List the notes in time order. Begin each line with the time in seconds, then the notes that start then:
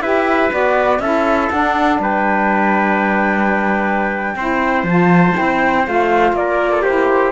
0.00 E4 G4 B4 E5
0.50 B3 F#4 D5
0.99 C#4 E4 A4 E5
1.50 D4 F#5
1.99 G3 B4 G5
4.35 C4 E4 C5
4.83 F3 F4 A5
5.34 C4 E4 G5
5.85 A3 F4 F5
6.32 A#3 A#4 D5
6.72 A4
6.82 E4 G4 C5